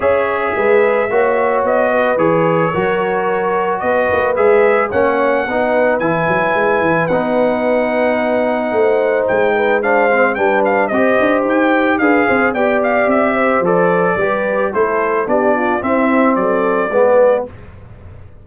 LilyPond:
<<
  \new Staff \with { instrumentName = "trumpet" } { \time 4/4 \tempo 4 = 110 e''2. dis''4 | cis''2. dis''4 | e''4 fis''2 gis''4~ | gis''4 fis''2.~ |
fis''4 g''4 f''4 g''8 f''8 | dis''4 g''4 f''4 g''8 f''8 | e''4 d''2 c''4 | d''4 e''4 d''2 | }
  \new Staff \with { instrumentName = "horn" } { \time 4/4 cis''4 b'4 cis''4. b'8~ | b'4 ais'2 b'4~ | b'4 cis''4 b'2~ | b'1 |
c''4. b'8 c''4 b'4 | c''2 b'8 c''8 d''4~ | d''8 c''4. b'4 a'4 | g'8 f'8 e'4 a'4 b'4 | }
  \new Staff \with { instrumentName = "trombone" } { \time 4/4 gis'2 fis'2 | gis'4 fis'2. | gis'4 cis'4 dis'4 e'4~ | e'4 dis'2.~ |
dis'2 d'8 c'8 d'4 | g'2 gis'4 g'4~ | g'4 a'4 g'4 e'4 | d'4 c'2 b4 | }
  \new Staff \with { instrumentName = "tuba" } { \time 4/4 cis'4 gis4 ais4 b4 | e4 fis2 b8 ais8 | gis4 ais4 b4 e8 fis8 | gis8 e8 b2. |
a4 gis2 g4 | c'8 d'8 dis'4 d'8 c'8 b4 | c'4 f4 g4 a4 | b4 c'4 fis4 gis4 | }
>>